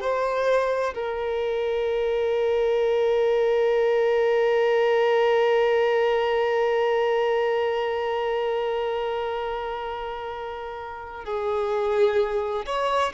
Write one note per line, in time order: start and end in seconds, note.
0.00 0.94 C5
0.94 11.25 A#4
11.25 12.66 G#4
12.66 13.12 C#5